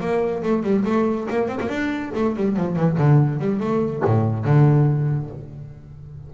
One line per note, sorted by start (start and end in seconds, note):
0.00 0.43 A#3
0.43 0.63 A3
0.63 0.85 G3
0.85 1.27 A3
1.30 1.48 A#3
1.48 1.59 C4
1.61 1.69 A#3
1.69 2.11 D4
2.15 2.36 A3
2.36 2.57 G3
2.57 2.76 F3
2.76 2.97 E3
2.98 3.40 D3
3.40 3.60 G3
3.60 4.03 A3
4.05 4.45 A2
4.45 5.30 D3